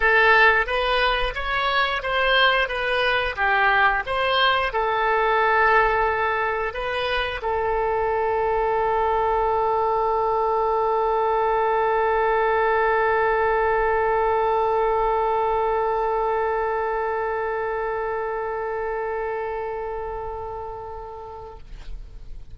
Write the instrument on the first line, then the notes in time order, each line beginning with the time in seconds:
oboe
0.00 A4
0.66 B4
1.35 C#5
2.02 C5
2.68 B4
3.36 G4
4.06 C5
4.72 A4
6.73 B4
7.42 A4